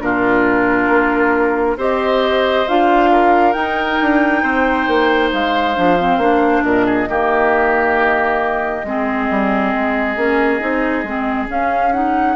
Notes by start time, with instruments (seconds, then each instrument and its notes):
0.00 bassoon A#2, clarinet D4, oboe F4, flute A#4
0.89 bassoon A#3
1.77 bassoon C4, clarinet G4, oboe C5, flute D#5
2.68 bassoon D4, clarinet F4, flute F5
3.12 oboe A#4
3.53 clarinet D#4, bassoon D#4, flute G5
4.01 bassoon D4
4.43 bassoon C4, oboe C5
4.87 bassoon A#3
5.33 bassoon G#3, flute F5
5.75 bassoon F3, clarinet D4
6.00 clarinet C4
6.17 bassoon A#3, clarinet D4
6.63 bassoon A#2, oboe A#4, flute D#5
6.86 oboe G#4
7.08 bassoon D#3, clarinet A#3, oboe G4
8.84 bassoon G#3, clarinet C4, oboe G#4
9.30 bassoon G3
9.74 bassoon G#3
10.16 bassoon A#3, clarinet C#4
10.60 bassoon C4, clarinet D#4
11.03 bassoon G#3, clarinet C4
11.47 clarinet C#4, bassoon C#4, flute F5
11.93 clarinet D#4, flute F#5